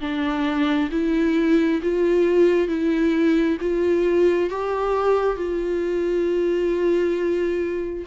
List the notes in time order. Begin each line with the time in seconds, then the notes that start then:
0.00 D4
0.91 E4
1.82 F4
2.67 E4
3.60 F4
4.49 G4
5.36 F4